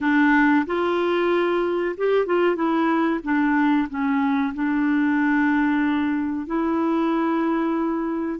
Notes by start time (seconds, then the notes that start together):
0.01 D4
0.66 F4
1.97 G4
2.26 F4
2.55 E4
3.23 D4
3.89 C#4
4.54 D4
6.46 E4